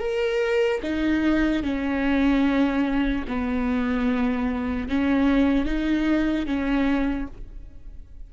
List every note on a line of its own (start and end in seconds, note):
0.00 0.81 A#4
0.83 1.63 D#4
1.63 3.25 C#4
3.28 4.89 B3
4.89 5.66 C#4
5.66 6.47 D#4
6.47 7.28 C#4